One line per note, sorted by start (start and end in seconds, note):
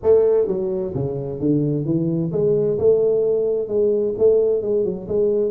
0.03 0.47 A3
0.47 0.93 F#3
0.94 1.40 C#3
1.40 1.85 D3
1.85 2.31 E3
2.32 2.78 G#3
2.78 3.68 A3
3.68 4.14 G#3
4.17 4.62 A3
4.62 4.84 G#3
4.84 5.07 F#3
5.08 5.50 G#3